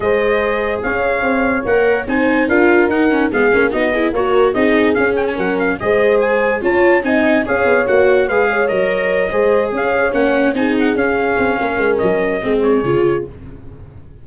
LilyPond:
<<
  \new Staff \with { instrumentName = "trumpet" } { \time 4/4 \tempo 4 = 145 dis''2 f''2 | fis''4 gis''4 f''4 fis''4 | f''4 dis''4 cis''4 dis''4 | f''8 g''16 gis''16 fis''8 f''8 dis''4 gis''4 |
a''4 gis''4 f''4 fis''4 | f''4 dis''2~ dis''8 f''8~ | f''8 fis''4 gis''8 fis''8 f''4.~ | f''4 dis''4. cis''4. | }
  \new Staff \with { instrumentName = "horn" } { \time 4/4 c''2 cis''2~ | cis''4 c''4 ais'2 | gis'4 fis'8 gis'8 ais'4 gis'4~ | gis'4 ais'4 c''2 |
cis''4 dis''4 cis''2 | b'8 cis''2 c''4 cis''8~ | cis''4. gis'2~ gis'8 | ais'2 gis'2 | }
  \new Staff \with { instrumentName = "viola" } { \time 4/4 gis'1 | ais'4 dis'4 f'4 dis'8 cis'8 | b8 cis'8 dis'8 e'8 fis'4 dis'4 | cis'2 gis'2 |
f'4 dis'4 gis'4 fis'4 | gis'4 ais'4. gis'4.~ | gis'8 cis'4 dis'4 cis'4.~ | cis'2 c'4 f'4 | }
  \new Staff \with { instrumentName = "tuba" } { \time 4/4 gis2 cis'4 c'4 | ais4 c'4 d'4 dis'4 | gis8 ais8 b4 ais4 c'4 | cis'4 fis4 gis2 |
cis'4 c'4 cis'8 b8 ais4 | gis4 fis4. gis4 cis'8~ | cis'8 ais4 c'4 cis'4 c'8 | ais8 gis8 fis4 gis4 cis4 | }
>>